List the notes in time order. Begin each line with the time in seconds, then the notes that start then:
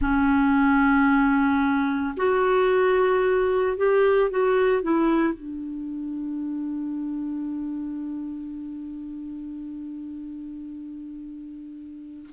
0.00 C#4
2.16 F#4
3.77 G4
4.30 F#4
4.82 E4
5.33 D4